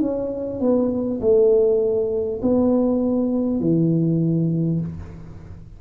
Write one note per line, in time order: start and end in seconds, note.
0.00 0.59 C#4
0.59 1.19 B3
1.20 2.40 A3
2.42 3.59 B3
3.59 4.79 E3